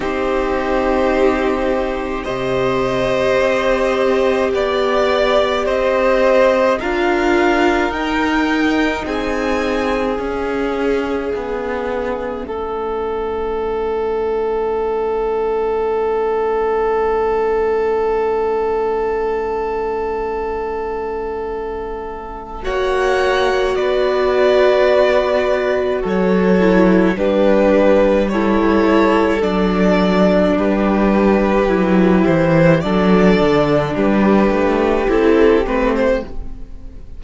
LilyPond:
<<
  \new Staff \with { instrumentName = "violin" } { \time 4/4 \tempo 4 = 53 c''2 dis''2 | d''4 dis''4 f''4 g''4 | gis''4 e''2.~ | e''1~ |
e''1 | fis''4 d''2 cis''4 | b'4 cis''4 d''4 b'4~ | b'8 c''8 d''4 b'4 a'8 b'16 c''16 | }
  \new Staff \with { instrumentName = "violin" } { \time 4/4 g'2 c''2 | d''4 c''4 ais'2 | gis'2. a'4~ | a'1~ |
a'1 | cis''4 b'2 a'4 | g'4 a'2 g'4~ | g'4 a'4 g'2 | }
  \new Staff \with { instrumentName = "viola" } { \time 4/4 dis'2 g'2~ | g'2 f'4 dis'4~ | dis'4 cis'2.~ | cis'1~ |
cis'1 | fis'2.~ fis'8 e'8 | d'4 e'4 d'2 | e'4 d'2 e'8 c'8 | }
  \new Staff \with { instrumentName = "cello" } { \time 4/4 c'2 c4 c'4 | b4 c'4 d'4 dis'4 | c'4 cis'4 b4 a4~ | a1~ |
a1 | ais4 b2 fis4 | g2 fis4 g4 | fis8 e8 fis8 d8 g8 a8 c'8 a8 | }
>>